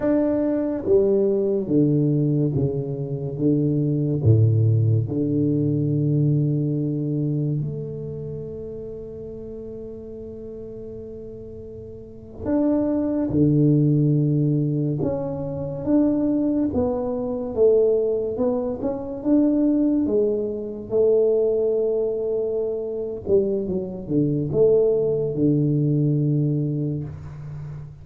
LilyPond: \new Staff \with { instrumentName = "tuba" } { \time 4/4 \tempo 4 = 71 d'4 g4 d4 cis4 | d4 a,4 d2~ | d4 a2.~ | a2~ a8. d'4 d16~ |
d4.~ d16 cis'4 d'4 b16~ | b8. a4 b8 cis'8 d'4 gis16~ | gis8. a2~ a8. g8 | fis8 d8 a4 d2 | }